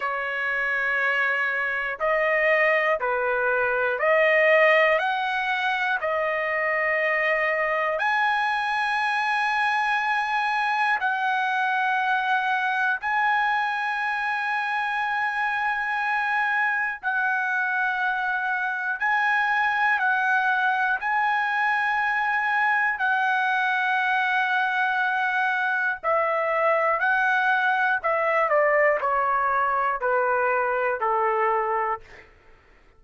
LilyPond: \new Staff \with { instrumentName = "trumpet" } { \time 4/4 \tempo 4 = 60 cis''2 dis''4 b'4 | dis''4 fis''4 dis''2 | gis''2. fis''4~ | fis''4 gis''2.~ |
gis''4 fis''2 gis''4 | fis''4 gis''2 fis''4~ | fis''2 e''4 fis''4 | e''8 d''8 cis''4 b'4 a'4 | }